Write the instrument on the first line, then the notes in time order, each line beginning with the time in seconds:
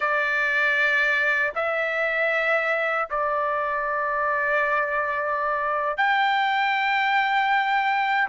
trumpet
0.00 D5
1.55 E5
3.10 D5
5.97 G5